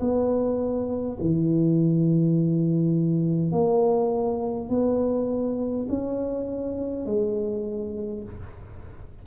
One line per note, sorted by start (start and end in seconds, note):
0.00 1.18 B3
1.20 3.51 E3
3.51 4.69 A#3
4.69 5.87 B3
5.89 7.05 C#4
7.05 8.23 G#3